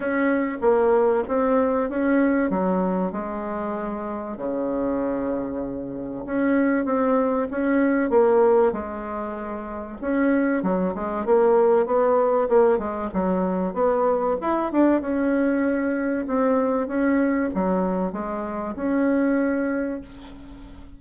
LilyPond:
\new Staff \with { instrumentName = "bassoon" } { \time 4/4 \tempo 4 = 96 cis'4 ais4 c'4 cis'4 | fis4 gis2 cis4~ | cis2 cis'4 c'4 | cis'4 ais4 gis2 |
cis'4 fis8 gis8 ais4 b4 | ais8 gis8 fis4 b4 e'8 d'8 | cis'2 c'4 cis'4 | fis4 gis4 cis'2 | }